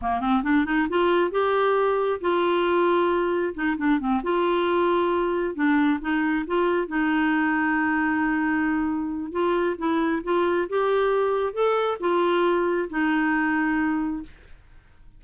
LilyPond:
\new Staff \with { instrumentName = "clarinet" } { \time 4/4 \tempo 4 = 135 ais8 c'8 d'8 dis'8 f'4 g'4~ | g'4 f'2. | dis'8 d'8 c'8 f'2~ f'8~ | f'8 d'4 dis'4 f'4 dis'8~ |
dis'1~ | dis'4 f'4 e'4 f'4 | g'2 a'4 f'4~ | f'4 dis'2. | }